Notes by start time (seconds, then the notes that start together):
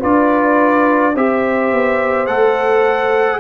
0.00 D4 F4 B4 D5
1.14 C4 G4 C5 E5
1.72 B3
2.27 A3 A4 F#5